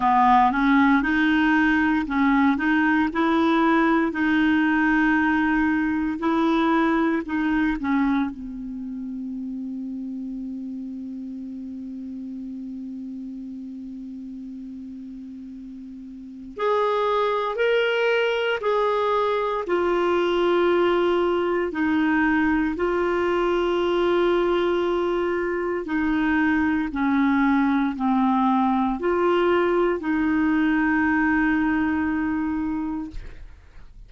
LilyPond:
\new Staff \with { instrumentName = "clarinet" } { \time 4/4 \tempo 4 = 58 b8 cis'8 dis'4 cis'8 dis'8 e'4 | dis'2 e'4 dis'8 cis'8 | c'1~ | c'1 |
gis'4 ais'4 gis'4 f'4~ | f'4 dis'4 f'2~ | f'4 dis'4 cis'4 c'4 | f'4 dis'2. | }